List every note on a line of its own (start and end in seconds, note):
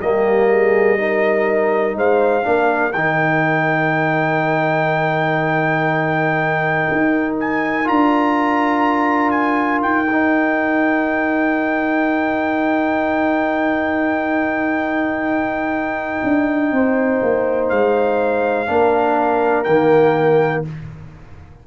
0.00 1.96 G3
0.00 0.98 A#3
0.00 0.49 G4
0.00 1.98 D#5
0.51 1.00 G#4
0.98 2.43 D#4
0.98 1.97 A#4
1.96 2.45 G#3
1.96 2.47 C5
1.96 2.93 F5
2.43 2.95 A#3
2.43 2.92 D4
2.43 16.74 A#4
2.93 6.88 D#3
2.93 7.85 D#4
2.93 7.35 G5
6.92 7.89 D#4
7.40 7.88 G#5
7.85 9.82 D4
7.85 10.06 F4
7.85 9.31 A#5
9.31 9.80 G#5
9.82 16.21 D#4
9.82 17.69 G5
10.11 18.68 D#4
16.24 16.72 D4
16.72 17.21 C4
16.72 18.70 C5
17.22 17.71 A#3
17.69 18.69 G#3
17.69 19.64 F5
18.68 19.67 A#3
18.68 19.66 D4
18.68 20.67 A#4
19.64 20.65 D#3
19.64 20.66 A#3
19.64 20.62 G5